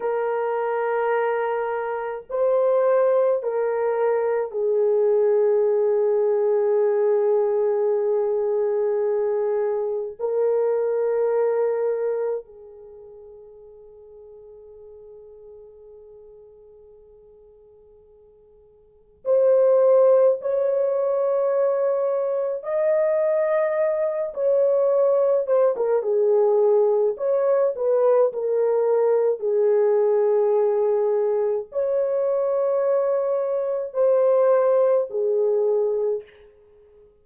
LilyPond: \new Staff \with { instrumentName = "horn" } { \time 4/4 \tempo 4 = 53 ais'2 c''4 ais'4 | gis'1~ | gis'4 ais'2 gis'4~ | gis'1~ |
gis'4 c''4 cis''2 | dis''4. cis''4 c''16 ais'16 gis'4 | cis''8 b'8 ais'4 gis'2 | cis''2 c''4 gis'4 | }